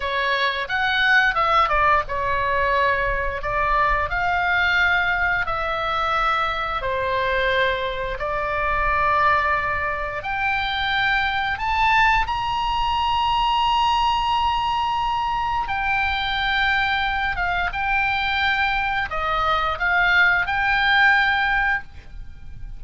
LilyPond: \new Staff \with { instrumentName = "oboe" } { \time 4/4 \tempo 4 = 88 cis''4 fis''4 e''8 d''8 cis''4~ | cis''4 d''4 f''2 | e''2 c''2 | d''2. g''4~ |
g''4 a''4 ais''2~ | ais''2. g''4~ | g''4. f''8 g''2 | dis''4 f''4 g''2 | }